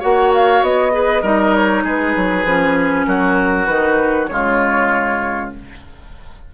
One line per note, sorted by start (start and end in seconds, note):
0.00 0.62 A#3
0.00 0.91 F#4
0.00 0.92 C#5
0.00 0.33 F#5
0.35 0.64 F5
0.62 1.23 B3
0.62 1.55 D#5
0.91 1.22 G#4
0.91 1.22 B4
1.22 1.84 G3
1.22 2.46 D#4
1.22 1.84 A#4
1.55 1.86 C#5
1.84 2.16 G#3
1.84 3.07 G#4
1.84 3.07 B4
2.16 2.45 F#3
2.45 3.06 F3
2.45 3.68 C#4
3.07 3.68 F#3
3.07 4.30 F#4
3.07 3.66 A#4
3.66 4.29 D#3
3.66 4.28 D#4
3.66 4.27 B4
4.28 5.52 C#3
4.28 5.51 G#3
4.28 5.55 F4
4.28 5.50 C#5